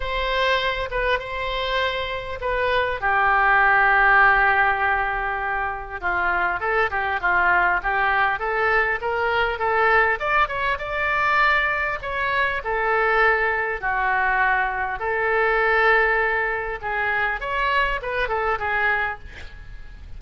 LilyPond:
\new Staff \with { instrumentName = "oboe" } { \time 4/4 \tempo 4 = 100 c''4. b'8 c''2 | b'4 g'2.~ | g'2 f'4 a'8 g'8 | f'4 g'4 a'4 ais'4 |
a'4 d''8 cis''8 d''2 | cis''4 a'2 fis'4~ | fis'4 a'2. | gis'4 cis''4 b'8 a'8 gis'4 | }